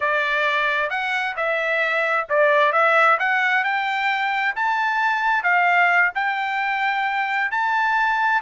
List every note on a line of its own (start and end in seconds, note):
0.00 0.89 D5
0.89 1.35 F#5
1.36 2.27 E5
2.29 2.72 D5
2.72 3.18 E5
3.19 3.64 F#5
3.64 4.55 G5
4.55 5.43 A5
5.43 6.11 F5
6.14 7.51 G5
7.51 8.41 A5